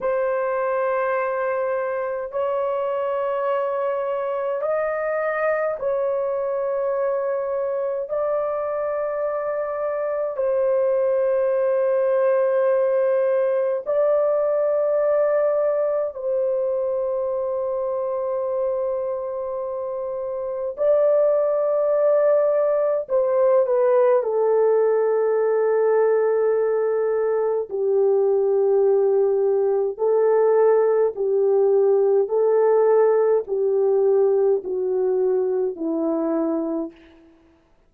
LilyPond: \new Staff \with { instrumentName = "horn" } { \time 4/4 \tempo 4 = 52 c''2 cis''2 | dis''4 cis''2 d''4~ | d''4 c''2. | d''2 c''2~ |
c''2 d''2 | c''8 b'8 a'2. | g'2 a'4 g'4 | a'4 g'4 fis'4 e'4 | }